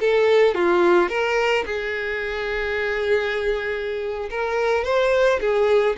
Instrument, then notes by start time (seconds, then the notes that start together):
violin
0.00 A4
0.54 F4
1.09 A#4
1.65 G#4
4.30 A#4
4.84 C5
5.40 G#4